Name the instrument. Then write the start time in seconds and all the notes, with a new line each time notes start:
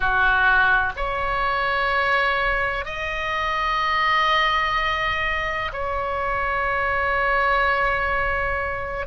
oboe
0.00 F#4
0.96 C#5
2.85 D#5
5.72 C#5